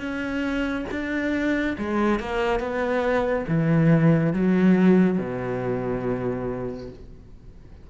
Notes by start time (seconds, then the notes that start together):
0.00 C#4
0.92 D4
1.78 G#3
2.20 A#3
2.60 B3
3.48 E3
4.34 F#3
5.19 B2